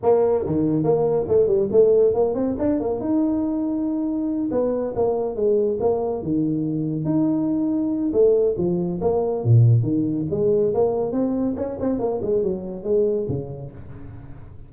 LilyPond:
\new Staff \with { instrumentName = "tuba" } { \time 4/4 \tempo 4 = 140 ais4 dis4 ais4 a8 g8 | a4 ais8 c'8 d'8 ais8 dis'4~ | dis'2~ dis'8 b4 ais8~ | ais8 gis4 ais4 dis4.~ |
dis8 dis'2~ dis'8 a4 | f4 ais4 ais,4 dis4 | gis4 ais4 c'4 cis'8 c'8 | ais8 gis8 fis4 gis4 cis4 | }